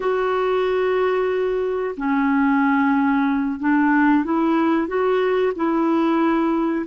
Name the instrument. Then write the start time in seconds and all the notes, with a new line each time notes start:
clarinet
0.00 F#4
1.97 C#4
3.59 D4
4.24 E4
4.87 F#4
5.55 E4